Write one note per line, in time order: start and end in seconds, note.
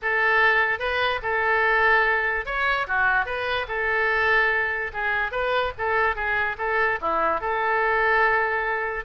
0.02 0.79 A4
0.79 1.20 B4
1.22 2.45 A4
2.45 2.87 C#5
2.87 3.25 F#4
3.25 3.66 B4
3.68 4.91 A4
4.93 5.31 G#4
5.31 5.72 B4
5.78 6.15 A4
6.15 6.56 G#4
6.58 6.99 A4
7.01 7.40 E4
7.40 9.04 A4